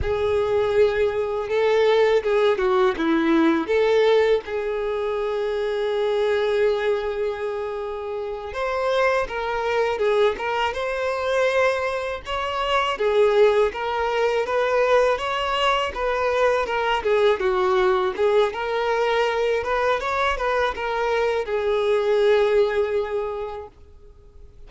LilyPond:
\new Staff \with { instrumentName = "violin" } { \time 4/4 \tempo 4 = 81 gis'2 a'4 gis'8 fis'8 | e'4 a'4 gis'2~ | gis'2.~ gis'8 c''8~ | c''8 ais'4 gis'8 ais'8 c''4.~ |
c''8 cis''4 gis'4 ais'4 b'8~ | b'8 cis''4 b'4 ais'8 gis'8 fis'8~ | fis'8 gis'8 ais'4. b'8 cis''8 b'8 | ais'4 gis'2. | }